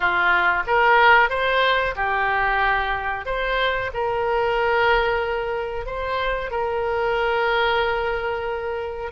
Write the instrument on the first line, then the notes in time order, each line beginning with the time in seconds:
oboe
0.00 F4
0.66 A#4
1.29 C5
1.95 G4
3.25 C5
3.93 A#4
5.85 C5
6.50 A#4